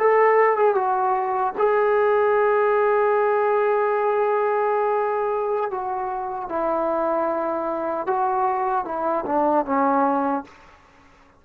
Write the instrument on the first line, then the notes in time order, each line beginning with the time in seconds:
trombone
0.00 A4
0.57 G#4
0.75 F#4
1.58 G#4
5.71 F#4
6.50 E4
8.07 F#4
8.86 E4
9.26 D4
9.66 C#4